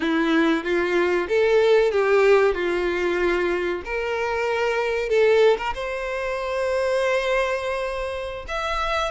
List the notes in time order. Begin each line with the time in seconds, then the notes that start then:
0.00 E4
0.64 F4
1.28 A4
1.91 G4
2.54 F4
3.85 A#4
5.09 A4
5.57 A#4
5.74 C5
8.47 E5